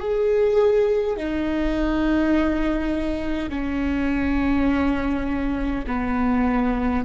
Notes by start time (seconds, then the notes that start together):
0.00 G#4
1.17 D#4
3.50 C#4
5.87 B3